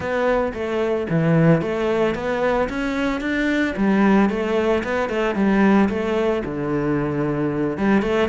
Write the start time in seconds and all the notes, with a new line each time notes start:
0.00 B3
0.53 A3
1.09 E3
1.61 A3
2.14 B3
2.69 C#4
3.20 D4
3.76 G3
4.29 A3
4.83 B3
5.09 A3
5.35 G3
5.89 A3
6.44 D3
7.77 G3
8.02 A3